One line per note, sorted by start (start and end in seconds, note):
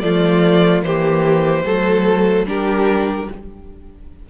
0.00 0.82 F3
0.00 0.83 A3
0.00 0.84 F4
0.00 0.81 D5
0.82 1.63 E3
0.82 1.64 A#3
0.82 1.65 G4
0.82 2.46 C5
1.65 2.46 F#3
1.65 2.46 A3
1.65 2.46 A4
2.46 3.27 G3
2.46 3.27 D4
2.46 3.29 G4
2.46 3.29 A#4